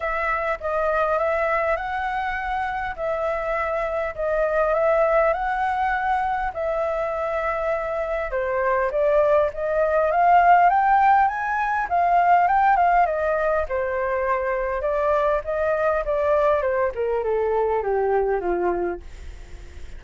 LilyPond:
\new Staff \with { instrumentName = "flute" } { \time 4/4 \tempo 4 = 101 e''4 dis''4 e''4 fis''4~ | fis''4 e''2 dis''4 | e''4 fis''2 e''4~ | e''2 c''4 d''4 |
dis''4 f''4 g''4 gis''4 | f''4 g''8 f''8 dis''4 c''4~ | c''4 d''4 dis''4 d''4 | c''8 ais'8 a'4 g'4 f'4 | }